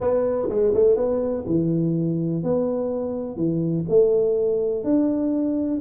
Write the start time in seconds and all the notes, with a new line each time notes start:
0.00 B3
0.49 G#3
0.74 A3
0.96 B3
1.46 E3
2.43 B3
3.36 E3
3.88 A3
4.84 D4